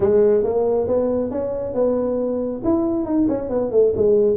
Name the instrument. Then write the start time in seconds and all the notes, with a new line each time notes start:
tuba
0.00 G#3
0.43 A#3
0.87 B3
1.30 C#4
1.73 B3
2.64 E4
3.05 D#4
3.28 C#4
3.49 B3
3.71 A3
3.96 G#3